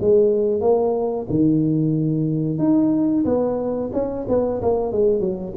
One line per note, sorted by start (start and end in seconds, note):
0.00 0.61 G#3
0.61 1.26 A#3
1.29 2.58 D#3
2.58 3.24 D#4
3.24 3.90 B3
3.93 4.26 C#4
4.28 4.61 B3
4.62 4.92 A#3
4.92 5.20 G#3
5.20 5.53 F#3